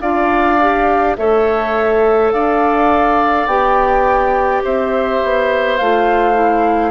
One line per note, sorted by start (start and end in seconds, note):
0.00 1.17 D4
0.00 0.59 F4
0.00 1.16 D5
0.00 1.15 F5
0.60 1.18 G4
1.16 2.33 A3
1.16 3.49 A4
1.16 2.33 C#5
1.16 2.31 E5
2.31 3.46 D4
2.31 4.63 D5
2.31 3.46 F5
3.46 4.61 B3
3.46 5.79 G4
3.46 4.62 G5
4.63 5.22 C4
4.63 6.90 C5
4.63 5.77 E5
5.23 5.80 B3
5.77 6.90 A3
5.77 6.34 F4
5.77 6.90 F5
6.34 6.90 E4